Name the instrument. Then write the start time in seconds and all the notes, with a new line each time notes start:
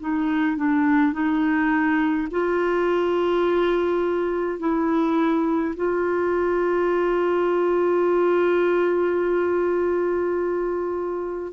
clarinet
0.00 D#4
0.57 D4
1.13 D#4
2.31 F4
4.59 E4
5.76 F4